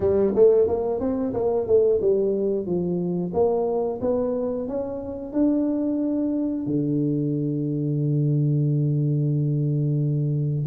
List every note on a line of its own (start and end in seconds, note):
0.00 0.33 G3
0.35 0.67 A3
0.67 1.00 A#3
1.00 1.33 C4
1.33 1.67 A#3
1.67 2.00 A3
2.01 2.65 G3
2.65 3.32 F3
3.33 4.00 A#3
4.01 4.68 B3
4.68 5.32 C#4
5.32 6.66 D4
6.66 10.66 D3